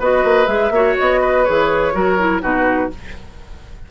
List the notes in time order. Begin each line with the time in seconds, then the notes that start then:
0.00 B3 F#4 B4 D#5
0.24 A#3
0.47 G#3 G#4 E5
0.71 A#3 F#4 C#5
0.99 B3 D#5
1.21 B4
1.45 E3 G#4 C#5
1.93 F#3 F#4 A#4
2.19 E4
2.42 B2 D#4 F#4 B4